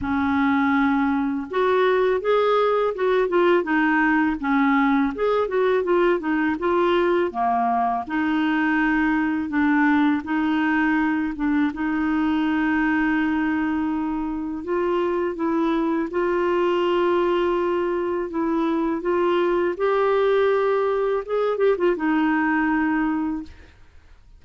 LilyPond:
\new Staff \with { instrumentName = "clarinet" } { \time 4/4 \tempo 4 = 82 cis'2 fis'4 gis'4 | fis'8 f'8 dis'4 cis'4 gis'8 fis'8 | f'8 dis'8 f'4 ais4 dis'4~ | dis'4 d'4 dis'4. d'8 |
dis'1 | f'4 e'4 f'2~ | f'4 e'4 f'4 g'4~ | g'4 gis'8 g'16 f'16 dis'2 | }